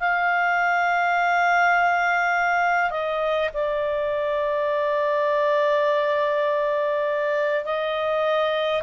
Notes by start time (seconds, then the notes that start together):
0.00 F5
2.91 D#5
3.54 D5
7.65 D#5